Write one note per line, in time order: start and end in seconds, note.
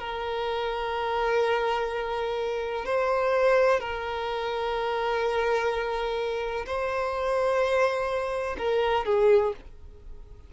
0.00 2.86 A#4
2.86 3.81 C5
3.81 6.66 A#4
6.66 8.57 C5
8.58 9.06 A#4
9.06 9.53 G#4